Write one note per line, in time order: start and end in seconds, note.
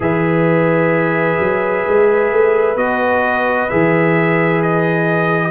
0.00 1.37 E3
0.00 2.75 G#4
0.00 5.50 B4
0.00 2.77 E5
1.39 1.85 F#3
1.87 2.31 G#3
2.31 2.76 A3
2.76 3.68 B3
2.76 3.68 F#4
2.76 3.69 D#5
3.69 5.50 E3
3.69 5.50 G#4
3.69 4.62 E5
4.62 5.50 D#5